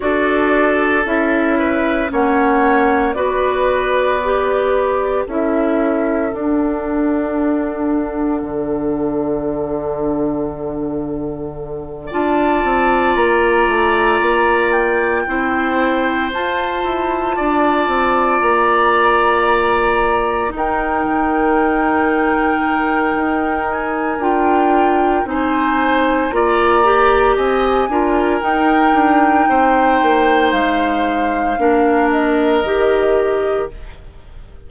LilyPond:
<<
  \new Staff \with { instrumentName = "flute" } { \time 4/4 \tempo 4 = 57 d''4 e''4 fis''4 d''4~ | d''4 e''4 fis''2~ | fis''2.~ fis''8 a''8~ | a''8 ais''4. g''4. a''8~ |
a''4. ais''2 g''8~ | g''2~ g''8 gis''8 g''4 | gis''4 ais''4 gis''4 g''4~ | g''4 f''4. dis''4. | }
  \new Staff \with { instrumentName = "oboe" } { \time 4/4 a'4. b'8 cis''4 b'4~ | b'4 a'2.~ | a'2.~ a'8 d''8~ | d''2~ d''8 c''4.~ |
c''8 d''2. ais'8~ | ais'1 | c''4 d''4 dis''8 ais'4. | c''2 ais'2 | }
  \new Staff \with { instrumentName = "clarinet" } { \time 4/4 fis'4 e'4 cis'4 fis'4 | g'4 e'4 d'2~ | d'2.~ d'8 f'8~ | f'2~ f'8 e'4 f'8~ |
f'2.~ f'8 dis'8~ | dis'2. f'4 | dis'4 f'8 g'4 f'8 dis'4~ | dis'2 d'4 g'4 | }
  \new Staff \with { instrumentName = "bassoon" } { \time 4/4 d'4 cis'4 ais4 b4~ | b4 cis'4 d'2 | d2.~ d8 d'8 | c'8 ais8 a8 ais4 c'4 f'8 |
e'8 d'8 c'8 ais2 dis'8 | dis2 dis'4 d'4 | c'4 ais4 c'8 d'8 dis'8 d'8 | c'8 ais8 gis4 ais4 dis4 | }
>>